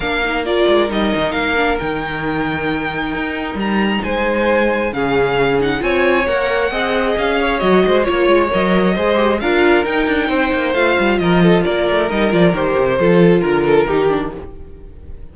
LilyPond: <<
  \new Staff \with { instrumentName = "violin" } { \time 4/4 \tempo 4 = 134 f''4 d''4 dis''4 f''4 | g''1 | ais''4 gis''2 f''4~ | f''8 fis''8 gis''4 fis''2 |
f''4 dis''4 cis''4 dis''4~ | dis''4 f''4 g''2 | f''4 dis''4 d''4 dis''8 d''8 | c''2 ais'2 | }
  \new Staff \with { instrumentName = "violin" } { \time 4/4 ais'1~ | ais'1~ | ais'4 c''2 gis'4~ | gis'4 cis''2 dis''4~ |
dis''8 cis''4 c''8 cis''2 | c''4 ais'2 c''4~ | c''4 ais'8 a'8 ais'2~ | ais'4 a'4 ais'8 a'8 g'4 | }
  \new Staff \with { instrumentName = "viola" } { \time 4/4 d'8 dis'8 f'4 dis'4. d'8 | dis'1~ | dis'2. cis'4~ | cis'8 dis'8 f'4 ais'4 gis'4~ |
gis'4 fis'4 f'4 ais'4 | gis'8 g'8 f'4 dis'2 | f'2. dis'8 f'8 | g'4 f'2 dis'8 d'8 | }
  \new Staff \with { instrumentName = "cello" } { \time 4/4 ais4. gis8 g8 dis8 ais4 | dis2. dis'4 | g4 gis2 cis4~ | cis4 c'4 ais4 c'4 |
cis'4 fis8 gis8 ais8 gis8 fis4 | gis4 d'4 dis'8 d'8 c'8 ais8 | a8 g8 f4 ais8 a8 g8 f8 | dis8 c8 f4 d4 dis4 | }
>>